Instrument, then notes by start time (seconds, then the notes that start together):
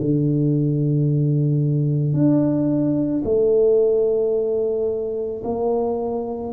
tuba
0.00 D3
2.13 D4
3.24 A3
5.43 A#3